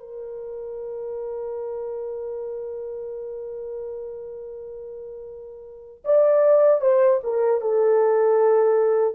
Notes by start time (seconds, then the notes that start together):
0.00 A#4
6.05 D5
6.81 C5
7.24 A#4
7.61 A4